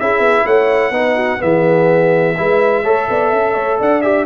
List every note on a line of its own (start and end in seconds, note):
0.00 0.19 C#4
0.00 0.93 E4
0.00 0.45 G#4
0.00 0.47 E5
0.19 0.43 B3
0.45 0.90 A3
0.45 0.93 C#5
0.45 1.42 F#5
0.90 1.38 B3
0.90 1.39 D#4
0.90 1.16 B4
1.16 1.39 F#4
1.39 2.38 E3
1.39 2.35 B3
1.39 2.37 G#4
1.39 3.80 E5
2.37 2.85 G#3
2.37 2.84 E4
2.37 2.83 B4
2.83 3.09 A3
2.83 4.02 A4
2.83 3.07 C#5
3.09 3.32 B3
3.09 3.30 D5
3.30 3.56 C#4
3.30 3.54 E5
3.54 3.79 A3
3.54 3.78 C#5
3.78 4.26 D4
3.78 4.26 D5
3.78 4.02 F#5
4.02 4.26 G4
4.02 4.25 E5